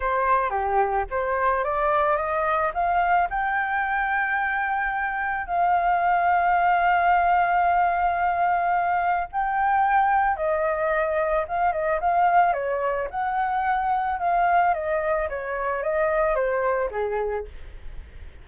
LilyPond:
\new Staff \with { instrumentName = "flute" } { \time 4/4 \tempo 4 = 110 c''4 g'4 c''4 d''4 | dis''4 f''4 g''2~ | g''2 f''2~ | f''1~ |
f''4 g''2 dis''4~ | dis''4 f''8 dis''8 f''4 cis''4 | fis''2 f''4 dis''4 | cis''4 dis''4 c''4 gis'4 | }